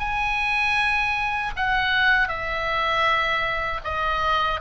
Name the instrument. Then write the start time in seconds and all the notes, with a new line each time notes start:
oboe
0.00 G#5
1.56 F#5
2.29 E5
3.85 D#5